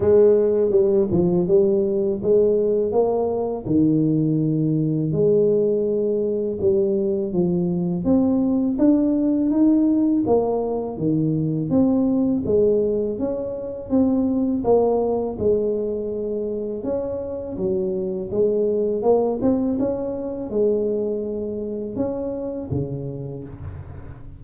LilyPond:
\new Staff \with { instrumentName = "tuba" } { \time 4/4 \tempo 4 = 82 gis4 g8 f8 g4 gis4 | ais4 dis2 gis4~ | gis4 g4 f4 c'4 | d'4 dis'4 ais4 dis4 |
c'4 gis4 cis'4 c'4 | ais4 gis2 cis'4 | fis4 gis4 ais8 c'8 cis'4 | gis2 cis'4 cis4 | }